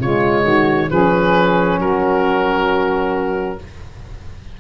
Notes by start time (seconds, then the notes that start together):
0.00 C#3 G#3 F4 C#5
0.43 D#3 F#4
0.90 F3 C#4 G#4 B4
1.79 F#3 F#4 A#4